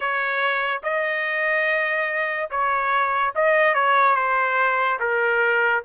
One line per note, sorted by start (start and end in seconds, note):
0.00 0.81 C#5
0.83 2.50 D#5
2.50 3.33 C#5
3.35 3.74 D#5
3.74 4.15 C#5
4.15 4.98 C5
4.99 5.83 A#4